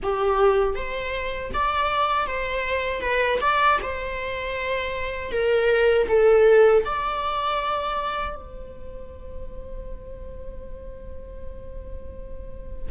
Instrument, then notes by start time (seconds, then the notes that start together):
viola
0.02 G4
0.75 C5
1.53 D5
2.26 C5
3.01 B4
3.40 D5
3.82 C5
5.31 A#4
6.08 A4
6.85 D5
8.35 C5